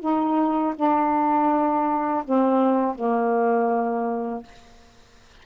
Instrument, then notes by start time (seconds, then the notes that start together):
saxophone
0.00 D#4
0.76 D4
2.25 C4
2.95 A#3